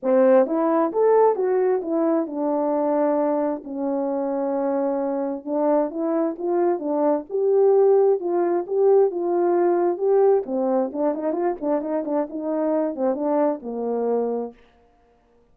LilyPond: \new Staff \with { instrumentName = "horn" } { \time 4/4 \tempo 4 = 132 c'4 e'4 a'4 fis'4 | e'4 d'2. | cis'1 | d'4 e'4 f'4 d'4 |
g'2 f'4 g'4 | f'2 g'4 c'4 | d'8 dis'8 f'8 d'8 dis'8 d'8 dis'4~ | dis'8 c'8 d'4 ais2 | }